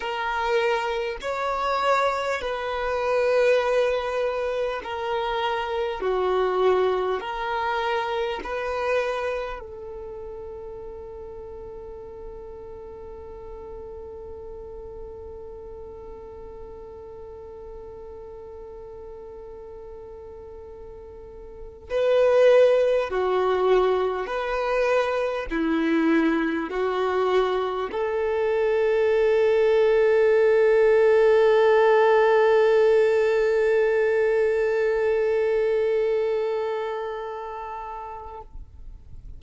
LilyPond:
\new Staff \with { instrumentName = "violin" } { \time 4/4 \tempo 4 = 50 ais'4 cis''4 b'2 | ais'4 fis'4 ais'4 b'4 | a'1~ | a'1~ |
a'2~ a'16 b'4 fis'8.~ | fis'16 b'4 e'4 fis'4 a'8.~ | a'1~ | a'1 | }